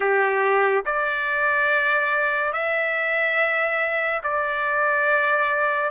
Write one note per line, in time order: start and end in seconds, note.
0.00 0.84 G4
0.85 2.52 D5
2.52 4.21 E5
4.23 5.90 D5